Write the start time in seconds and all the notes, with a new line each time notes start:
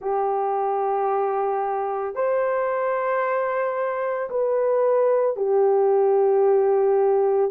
0.01 G4
2.15 C5
4.30 B4
5.36 G4